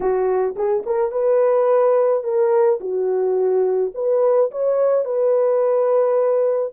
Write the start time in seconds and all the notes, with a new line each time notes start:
0.00 F#4
0.56 G#4
0.86 A#4
1.11 B4
2.23 A#4
2.80 F#4
3.94 B4
4.51 C#5
5.04 B4